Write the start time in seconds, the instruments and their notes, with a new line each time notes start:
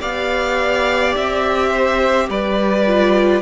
0.00 cello B3, viola G4, violin D5 F5
1.16 cello C4, violin E5
1.70 violin C5
2.29 cello G3, violin B4 D5
2.87 viola F4